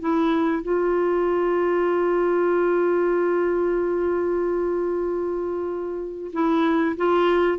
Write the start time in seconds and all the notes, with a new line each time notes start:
0.00 E4
0.63 F4
6.33 E4
6.97 F4